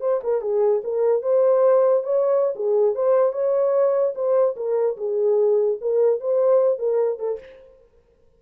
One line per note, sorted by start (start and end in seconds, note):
0.00 0.20 C5
0.23 0.41 A#4
0.41 0.82 G#4
0.84 1.22 A#4
1.22 2.03 C5
2.03 2.54 C#5
2.55 2.95 G#4
2.95 3.32 C5
3.32 4.14 C#5
4.15 4.55 C5
4.56 4.96 A#4
4.97 5.78 G#4
5.81 6.20 A#4
6.20 6.79 C5
6.79 7.19 A#4
7.19 7.39 A4